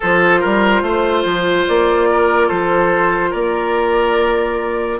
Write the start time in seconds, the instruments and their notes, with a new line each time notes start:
0.00 bassoon F3, clarinet F4, oboe A4, flute C5
0.39 bassoon G3, oboe A#4
0.82 bassoon A3, oboe C5
1.24 bassoon F3
1.68 bassoon A#3, flute D5
2.11 oboe A#4
2.47 bassoon F3, oboe A4, flute C5
3.30 bassoon A#3, oboe A#4, flute D5